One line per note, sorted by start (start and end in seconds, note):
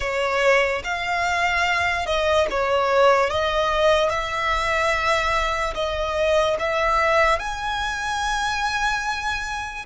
0.00 0.82 C#5
0.84 2.05 F5
2.05 2.47 D#5
2.50 3.30 C#5
3.30 4.09 D#5
4.09 5.73 E5
5.74 6.56 D#5
6.59 7.39 E5
7.39 9.85 G#5